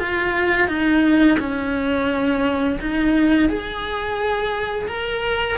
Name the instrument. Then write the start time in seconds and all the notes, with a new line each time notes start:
cello
0.00 F4
0.68 D#4
1.40 C#4
2.81 D#4
3.49 G#4
4.88 A#4